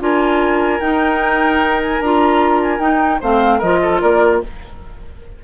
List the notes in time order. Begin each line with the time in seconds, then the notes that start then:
0.00 D4 F4 A#4 G#5
0.81 D#4 G5
1.82 G#5
2.00 D4 F4 A#5
2.63 G#5
2.79 D#4 G5
3.20 A3 C4 C5 F5
3.58 F3 F4 A#4 D#5
3.83 A4
4.01 A#3 A#4 D5